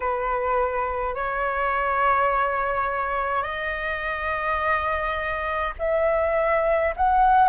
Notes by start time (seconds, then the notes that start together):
0.00 B4
1.14 C#5
3.42 D#5
5.78 E5
6.96 F#5